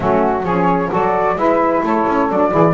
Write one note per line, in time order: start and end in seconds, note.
0.00 0.43 F#3
0.00 0.42 A3
0.00 0.43 C#4
0.00 0.44 F#4
0.43 0.89 F3
0.43 0.90 C#4
0.43 0.90 G#4
0.43 0.90 C#5
0.90 1.35 F#3
0.90 1.35 F#4
0.90 1.36 A4
0.90 1.37 D5
1.35 1.81 G#3
1.35 2.27 E4
1.35 1.83 B4
1.35 1.83 E5
1.83 2.06 A3
1.83 2.51 A4
1.83 2.30 C#5
2.06 2.29 C#4
2.29 2.52 F#3
2.29 2.51 D4
2.29 2.73 D5
2.51 2.73 E3
2.51 2.73 E4
2.51 2.73 G#4